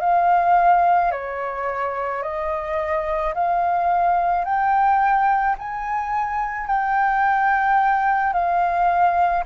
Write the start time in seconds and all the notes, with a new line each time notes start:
0.00 F5
1.11 C#5
2.22 D#5
3.34 F5
4.44 G5
5.58 G#5
6.66 G5
8.32 F5